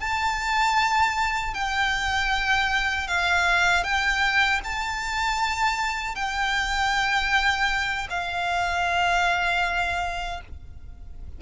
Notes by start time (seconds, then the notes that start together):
0.00 A5
1.54 G5
3.08 F5
3.84 G5
4.64 A5
6.15 G5
8.10 F5